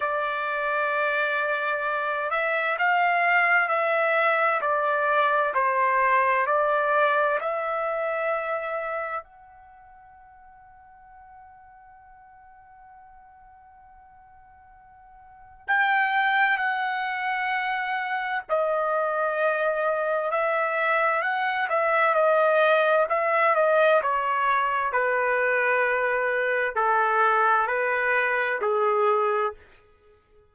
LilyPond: \new Staff \with { instrumentName = "trumpet" } { \time 4/4 \tempo 4 = 65 d''2~ d''8 e''8 f''4 | e''4 d''4 c''4 d''4 | e''2 fis''2~ | fis''1~ |
fis''4 g''4 fis''2 | dis''2 e''4 fis''8 e''8 | dis''4 e''8 dis''8 cis''4 b'4~ | b'4 a'4 b'4 gis'4 | }